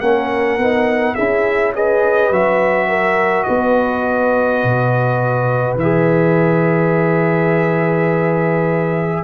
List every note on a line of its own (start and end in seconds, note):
0.00 0.57 A#3
0.00 0.59 C#4
0.00 1.14 A#4
0.00 1.14 F#5
0.57 1.15 B3
0.57 1.16 D#4
1.14 2.31 C#4
1.14 1.74 E4
1.14 1.72 G#4
1.14 1.72 E5
1.74 2.32 G#4
1.74 2.88 B4
1.74 2.32 D#5
2.31 3.46 F#3
2.31 5.78 F#4
2.31 3.43 E5
2.88 3.46 A#4
3.43 4.63 B3
3.43 9.23 B4
3.43 5.74 D#5
4.63 5.75 B2
5.75 9.21 E3
5.75 9.24 E5
5.81 9.24 G#4